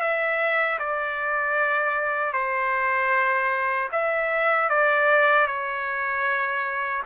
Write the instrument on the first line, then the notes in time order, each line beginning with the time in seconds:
trumpet
0.00 E5
0.79 D5
2.33 C5
3.91 E5
4.69 D5
5.47 C#5